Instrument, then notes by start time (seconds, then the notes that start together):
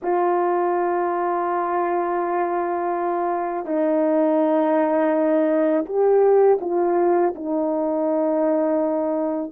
horn
0.02 F4
3.65 D#4
5.85 G4
6.61 F4
7.35 D#4